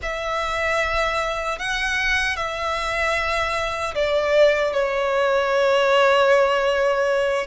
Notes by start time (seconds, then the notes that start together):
0.02 E5
1.58 F#5
2.36 E5
3.95 D5
4.72 C#5